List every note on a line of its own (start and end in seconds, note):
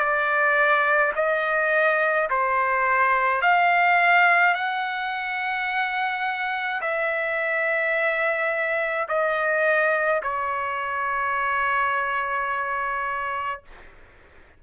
0.00 1.13 D5
1.16 2.30 D#5
2.31 3.42 C5
3.42 4.55 F5
4.55 6.81 F#5
6.82 9.08 E5
9.09 10.22 D#5
10.23 13.63 C#5